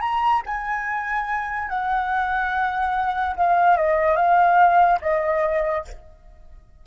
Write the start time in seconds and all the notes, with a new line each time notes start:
0.00 A#5
0.45 G#5
1.69 F#5
3.36 F5
3.77 D#5
4.16 F5
5.01 D#5